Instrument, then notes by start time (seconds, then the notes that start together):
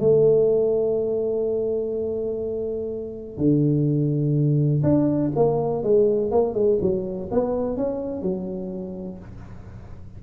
tuba
0.00 A3
3.38 D3
4.84 D4
5.36 A#3
5.84 G#3
6.31 A#3
6.55 G#3
6.82 F#3
7.32 B3
7.77 C#4
8.22 F#3